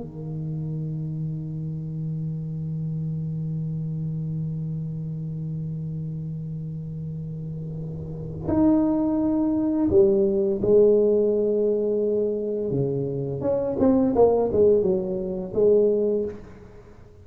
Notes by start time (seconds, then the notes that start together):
0.00 D#3
8.48 D#4
9.90 G3
10.62 G#3
12.70 C#3
13.41 C#4
13.79 C4
14.15 A#3
14.52 G#3
14.82 F#3
15.54 G#3